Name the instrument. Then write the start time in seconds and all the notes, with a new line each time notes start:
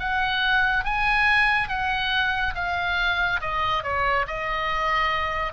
oboe
0.00 F#5
0.85 G#5
1.69 F#5
2.55 F5
3.41 D#5
3.84 C#5
4.27 D#5